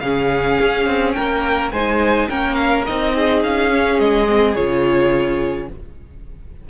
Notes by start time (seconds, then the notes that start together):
0.00 C#3 C#4 G#4 F5
0.60 C#4
0.86 C4
1.12 A#3 A#4 G5
1.71 G#3 D#4 C5 G#5
2.29 A#3 C#4 A#4 G5
2.55 F5
2.86 C4 D#4 D#5
3.14 G#4
3.43 C#4 F5
3.70 C#4
3.99 G#3 D#5
4.28 C4
4.55 C#3 F4 C#5